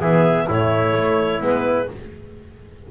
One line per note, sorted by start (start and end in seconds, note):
0.00 0.47 E3
0.00 0.49 B3
0.00 0.47 G#4
0.00 0.48 E5
0.48 0.93 A2
0.48 1.39 A3
0.48 1.88 E4
0.48 1.43 C#5
0.93 1.40 A3
1.39 1.88 G#3
1.39 1.86 B3
1.39 1.91 B4